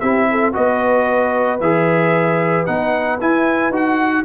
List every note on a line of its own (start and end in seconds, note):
0.00 0.55 C4
0.00 0.53 E4
0.00 0.28 G4
0.00 0.53 E5
0.31 0.55 A4
0.53 1.60 B3
0.53 1.59 F#4
0.53 4.24 B4
0.53 1.60 D#5
1.60 2.67 E3
1.60 2.66 G#4
1.60 2.66 E5
2.66 3.21 B3
2.66 3.19 D#4
2.66 3.19 F#5
3.20 3.72 E4
3.20 3.69 E4
3.20 3.73 G#5
3.69 4.22 D#4
3.69 4.24 F#4
3.69 4.24 F#5